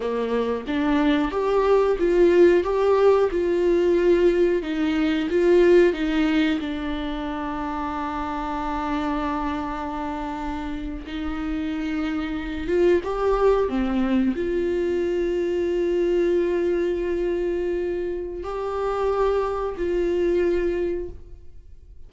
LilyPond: \new Staff \with { instrumentName = "viola" } { \time 4/4 \tempo 4 = 91 ais4 d'4 g'4 f'4 | g'4 f'2 dis'4 | f'4 dis'4 d'2~ | d'1~ |
d'8. dis'2~ dis'8 f'8 g'16~ | g'8. c'4 f'2~ f'16~ | f'1 | g'2 f'2 | }